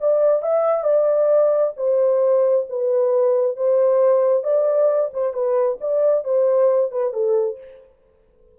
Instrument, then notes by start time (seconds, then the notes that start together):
horn
0.00 D5
0.42 E5
0.83 D5
1.76 C5
2.69 B4
3.56 C5
4.43 D5
5.13 C5
5.33 B4
5.80 D5
6.24 C5
6.91 B4
7.13 A4